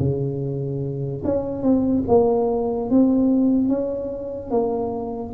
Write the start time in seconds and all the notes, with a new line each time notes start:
0.00 C#3
1.24 C#4
1.63 C4
2.08 A#3
2.91 C4
3.69 C#4
4.51 A#3